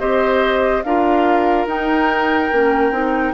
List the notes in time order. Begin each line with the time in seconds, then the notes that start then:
0.00 C4 G4 C5 D#5
0.84 D4 F4 A#4 F5
1.66 D#4 G5
2.52 A#3 C#4
2.91 C4 D#4